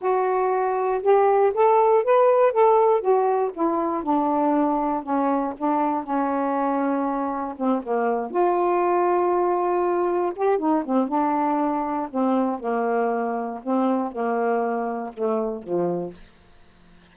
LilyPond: \new Staff \with { instrumentName = "saxophone" } { \time 4/4 \tempo 4 = 119 fis'2 g'4 a'4 | b'4 a'4 fis'4 e'4 | d'2 cis'4 d'4 | cis'2. c'8 ais8~ |
ais8 f'2.~ f'8~ | f'8 g'8 dis'8 c'8 d'2 | c'4 ais2 c'4 | ais2 a4 f4 | }